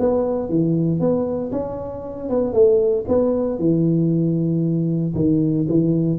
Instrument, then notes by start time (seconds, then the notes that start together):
tuba
0.00 B3
0.49 E3
1.00 B3
1.52 C#4
2.30 B3
2.53 A3
3.08 B3
3.59 E3
5.16 D#3
5.69 E3